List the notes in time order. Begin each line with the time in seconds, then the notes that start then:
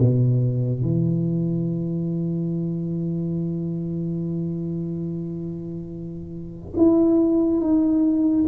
0.00 B2
0.82 E3
6.78 E4
7.61 D#4